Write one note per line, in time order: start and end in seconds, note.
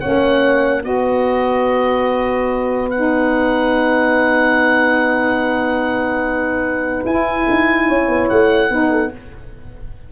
0.00 0.84 A#3
0.00 0.83 C#4
0.00 0.83 C#5
0.00 0.83 F#5
0.83 7.05 B3
0.83 2.90 F#4
0.83 7.87 B4
0.83 2.90 D#5
2.90 7.07 D#4
2.90 7.04 F#5
7.05 7.46 E4
7.05 8.71 E4
7.05 8.29 G#5
7.49 7.89 D#4
7.87 8.08 C#4
7.87 8.70 C#5
8.08 8.29 B3
8.29 8.69 A3
8.29 9.12 F#5
8.69 9.11 B3
8.69 9.12 D#4
8.69 8.91 B4
8.91 9.11 A4